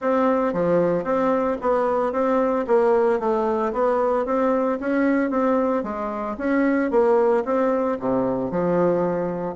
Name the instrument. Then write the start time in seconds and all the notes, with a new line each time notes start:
bassoon
0.01 C4
0.53 F3
1.04 C4
1.61 B3
2.12 C4
2.67 A#3
3.19 A3
3.73 B3
4.25 C4
4.79 C#4
5.30 C4
5.83 G#3
6.37 C#4
6.91 A#3
7.45 C4
7.99 C3
8.50 F3